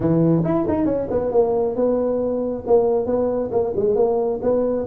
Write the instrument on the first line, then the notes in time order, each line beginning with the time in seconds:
tuba
0.00 E3
0.44 E4
0.68 D#4
0.85 C#4
1.10 B3
1.31 A#3
1.75 B3
2.67 A#3
3.06 B3
3.51 A#3
3.75 G#3
3.95 A#3
4.42 B3